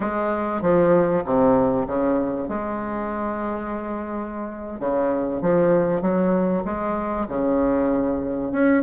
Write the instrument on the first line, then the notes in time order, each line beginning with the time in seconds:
bassoon
0.00 G#3
0.61 F3
1.25 C3
1.87 C#3
2.48 G#3
4.79 C#3
5.41 F3
6.01 F#3
6.64 G#3
7.28 C#3
8.52 C#4